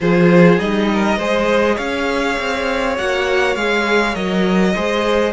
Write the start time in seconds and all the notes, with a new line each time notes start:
0.00 F3 F4 G#4 C5
0.58 G3 D#4 D#5
0.93 A#4
1.18 G#3 G#4 C5
1.75 C#4 C#5 F5
2.39 C4
2.97 A#3 F#4 F#5
3.55 G#3 G#4 F5
4.14 F#3 A#4 D#5
4.75 G#3 G#4 C5